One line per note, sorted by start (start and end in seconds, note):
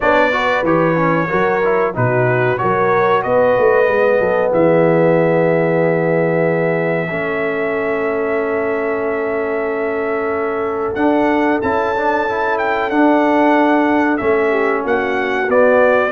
0.00 0.62 B3
0.00 0.31 D4
0.00 0.32 C#5
0.00 0.65 D5
0.31 0.64 F#4
0.31 1.28 B4
0.62 1.27 E3
0.62 0.95 G4
0.62 1.94 C#5
0.95 1.28 C#4
1.28 1.96 F#3
1.28 1.61 F#4
1.28 1.93 A#4
1.63 1.94 E4
1.94 2.60 B2
1.94 2.57 D#4
1.94 2.60 F#4
1.94 2.58 B4
2.57 3.25 F#3
2.57 3.84 F#4
2.57 3.23 A#4
2.57 3.22 C#5
3.22 3.57 B3
3.22 4.20 B4
3.22 4.51 D#5
3.57 3.88 A3
3.84 4.20 G#3
3.84 7.07 B3
4.20 4.52 F#3
4.20 4.50 A4
4.50 7.10 E3
4.50 7.08 G#4
4.50 10.94 E5
7.09 10.95 A3
7.09 10.96 C#4
7.09 14.49 A4
10.94 11.60 D4
10.94 11.61 D4
10.94 11.59 F#5
11.61 12.90 C#4
11.61 11.95 E4
11.61 12.58 A5
11.95 12.28 D4
12.28 12.91 E4
12.58 12.90 G5
12.90 14.19 D4
12.90 14.18 D4
12.90 14.17 F#5
14.17 14.84 A3
14.17 15.47 C#4
14.17 14.81 E5
14.49 14.82 G4
14.84 15.48 A#3
14.84 16.11 F#4
14.84 15.50 F#5
15.48 16.11 B3
15.48 16.11 D5